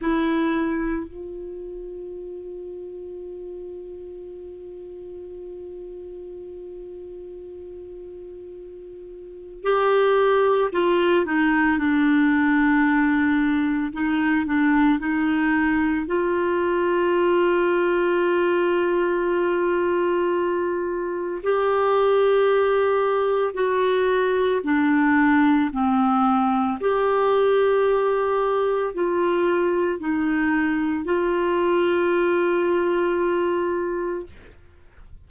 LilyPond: \new Staff \with { instrumentName = "clarinet" } { \time 4/4 \tempo 4 = 56 e'4 f'2.~ | f'1~ | f'4 g'4 f'8 dis'8 d'4~ | d'4 dis'8 d'8 dis'4 f'4~ |
f'1 | g'2 fis'4 d'4 | c'4 g'2 f'4 | dis'4 f'2. | }